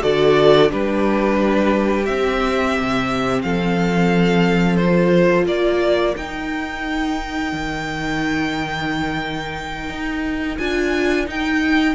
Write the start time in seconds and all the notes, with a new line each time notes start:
0.00 D3 F#4 A4 D5
0.69 G3 D4 G4 B4
2.05 C4 E5
2.78 C3
3.42 F3 A4 F5
4.76 F4 C5
5.46 A#3 A#4 D5
6.16 D#4 G5
7.52 D#3
9.89 D#4
10.57 D4 F4 G#5
11.27 D#4 G5